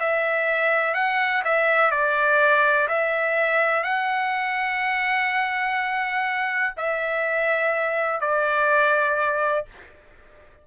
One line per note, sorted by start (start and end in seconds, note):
0.00 0.95 E5
0.95 1.43 F#5
1.45 1.91 E5
1.91 2.88 D5
2.89 3.84 E5
3.84 6.74 F#5
6.77 8.21 E5
8.21 9.66 D5